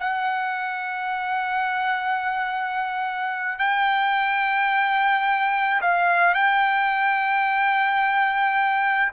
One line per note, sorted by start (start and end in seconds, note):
0.00 3.59 F#5
3.59 5.81 G5
5.81 6.34 F5
6.34 9.12 G5